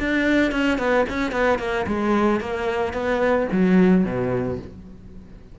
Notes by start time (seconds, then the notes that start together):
0.00 D4
0.52 C#4
0.78 B3
1.10 C#4
1.32 B3
1.59 A#3
1.87 G#3
2.41 A#3
2.93 B3
3.52 F#3
4.05 B2